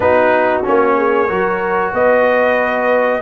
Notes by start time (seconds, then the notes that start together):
0.00 B3 D#4 F#4 B4
0.63 A#3 C#4 C#5
0.96 G#4
1.27 F#3 F#4 A#4
1.92 B3 B4 D#5